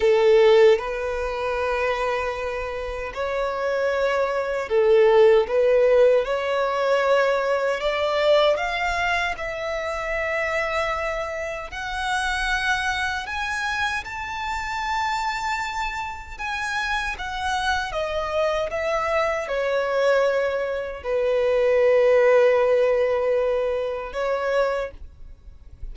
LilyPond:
\new Staff \with { instrumentName = "violin" } { \time 4/4 \tempo 4 = 77 a'4 b'2. | cis''2 a'4 b'4 | cis''2 d''4 f''4 | e''2. fis''4~ |
fis''4 gis''4 a''2~ | a''4 gis''4 fis''4 dis''4 | e''4 cis''2 b'4~ | b'2. cis''4 | }